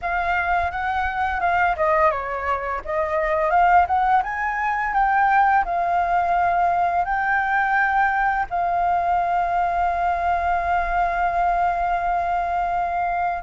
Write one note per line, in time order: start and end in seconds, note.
0.01 0.71 F5
0.71 1.40 F#5
1.40 1.75 F5
1.76 2.10 D#5
2.10 2.81 C#5
2.84 3.50 D#5
3.50 3.85 F5
3.87 4.22 F#5
4.23 4.93 G#5
4.93 5.64 G5
5.65 7.04 F5
7.04 8.45 G5
8.50 13.42 F5